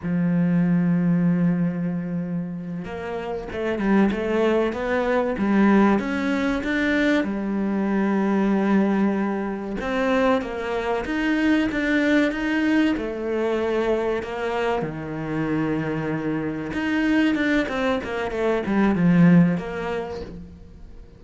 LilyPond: \new Staff \with { instrumentName = "cello" } { \time 4/4 \tempo 4 = 95 f1~ | f8 ais4 a8 g8 a4 b8~ | b8 g4 cis'4 d'4 g8~ | g2.~ g8 c'8~ |
c'8 ais4 dis'4 d'4 dis'8~ | dis'8 a2 ais4 dis8~ | dis2~ dis8 dis'4 d'8 | c'8 ais8 a8 g8 f4 ais4 | }